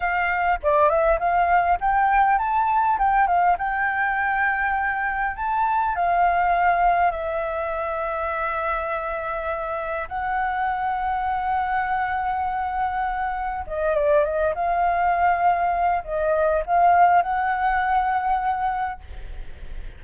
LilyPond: \new Staff \with { instrumentName = "flute" } { \time 4/4 \tempo 4 = 101 f''4 d''8 e''8 f''4 g''4 | a''4 g''8 f''8 g''2~ | g''4 a''4 f''2 | e''1~ |
e''4 fis''2.~ | fis''2. dis''8 d''8 | dis''8 f''2~ f''8 dis''4 | f''4 fis''2. | }